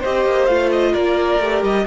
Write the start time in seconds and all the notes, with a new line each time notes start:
0.00 C4 G4 C5 D#5
0.25 A#3
0.46 A3 F4 F5
0.71 D#5
0.92 A#3 A#4 D5
1.39 A3 G4
1.62 G3 D#5